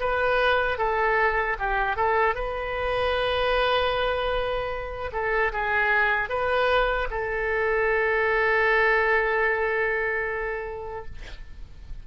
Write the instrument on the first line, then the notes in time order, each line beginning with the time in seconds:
oboe
0.00 B4
0.78 A4
1.59 G4
1.97 A4
2.35 B4
5.13 A4
5.52 G#4
6.29 B4
7.11 A4